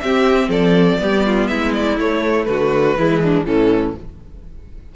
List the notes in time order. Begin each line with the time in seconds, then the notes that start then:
0.00 C4 G4 E5
0.48 F3 A4 D5
0.99 G3 B3 G4
1.26 F4
1.47 G#3 E4 E5
1.73 D5
1.97 A3 C#5
2.45 D3 F#4 B4
2.96 E3 G#3 E4
3.23 D4
3.45 A2 E3 C#4 A4